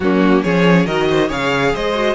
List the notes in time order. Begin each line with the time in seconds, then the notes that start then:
0.00 F#3 A#3 C#4 F#4
0.42 F3 C#4 G#4 C#5
0.86 D#3 F#4 A#4 D#5
1.10 C5
1.28 C#3 G#4 C#5 F5
1.74 G#3 C5 D#5
1.94 F#4